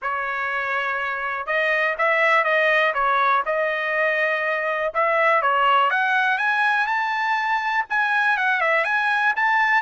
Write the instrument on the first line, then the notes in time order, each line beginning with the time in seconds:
trumpet
0.02 C#5
1.46 D#5
1.98 E5
2.44 D#5
2.94 C#5
3.45 D#5
4.94 E5
5.41 C#5
5.90 F#5
6.38 G#5
6.87 A5
7.89 G#5
8.37 F#5
8.61 E5
8.84 G#5
9.36 A5